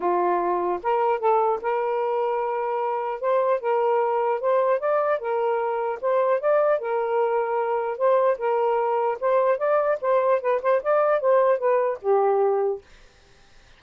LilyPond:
\new Staff \with { instrumentName = "saxophone" } { \time 4/4 \tempo 4 = 150 f'2 ais'4 a'4 | ais'1 | c''4 ais'2 c''4 | d''4 ais'2 c''4 |
d''4 ais'2. | c''4 ais'2 c''4 | d''4 c''4 b'8 c''8 d''4 | c''4 b'4 g'2 | }